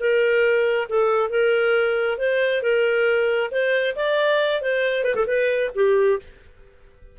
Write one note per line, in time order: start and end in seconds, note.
0.00 0.88 A#4
0.89 1.30 A4
1.30 2.18 A#4
2.18 2.62 C5
2.63 3.51 A#4
3.52 3.96 C5
3.96 4.62 D5
4.62 5.04 C5
5.04 5.15 B4
5.15 5.26 A4
5.27 5.71 B4
5.75 6.19 G4